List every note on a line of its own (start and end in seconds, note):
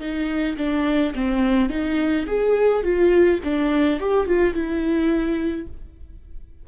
0.00 0.57 D#4
0.57 1.14 D4
1.15 1.69 C4
1.69 2.26 D#4
2.27 2.83 G#4
2.83 3.40 F4
3.44 4.00 D4
4.00 4.27 G4
4.27 4.54 F4
4.54 5.67 E4